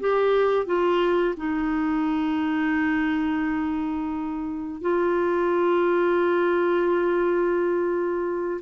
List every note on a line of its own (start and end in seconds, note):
0.00 0.66 G4
0.66 1.35 F4
1.37 4.81 D#4
4.81 8.61 F4